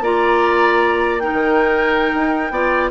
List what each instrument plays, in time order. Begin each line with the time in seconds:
0.00 bassoon A#3, clarinet F4, oboe D5, flute A#5
1.19 clarinet D#4, oboe A#4, flute G5
1.33 bassoon D#3
2.14 bassoon D#4
2.50 bassoon B3, clarinet F4, oboe D5